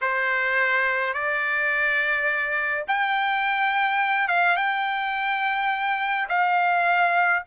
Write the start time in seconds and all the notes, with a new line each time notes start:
0.01 C5
1.13 D5
2.87 G5
4.28 F5
4.56 G5
6.28 F5